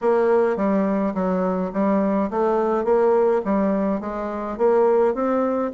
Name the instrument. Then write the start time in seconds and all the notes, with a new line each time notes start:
bassoon
0.01 A#3
0.56 G3
1.14 F#3
1.73 G3
2.30 A3
2.84 A#3
3.44 G3
4.00 G#3
4.57 A#3
5.14 C4